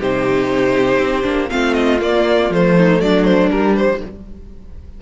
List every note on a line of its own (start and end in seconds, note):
0.00 0.99 C3
0.00 1.23 D#4
0.00 1.50 G4
0.00 1.51 C5
0.99 1.24 C4
1.23 1.50 A#3
1.23 1.48 D4
1.51 2.02 A3
1.51 2.00 C4
1.51 2.76 F4
1.51 1.74 F5
1.74 1.99 D#5
2.00 2.50 A#3
2.00 2.53 D5
2.50 3.00 F3
2.50 3.52 A3
2.50 3.01 C5
2.77 3.01 D#4
3.01 3.51 F#3
3.01 4.01 D4
3.01 3.25 D5
3.25 3.50 C5
3.51 4.01 G3
3.51 4.03 G3
3.51 3.76 A#4
3.76 4.01 C5